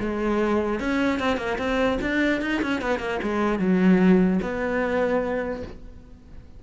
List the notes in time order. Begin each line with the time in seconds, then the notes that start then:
0.00 G#3
0.80 C#4
1.20 C4
1.37 A#3
1.59 C4
2.02 D4
2.42 D#4
2.62 C#4
2.82 B3
3.00 A#3
3.23 G#3
3.59 F#3
4.42 B3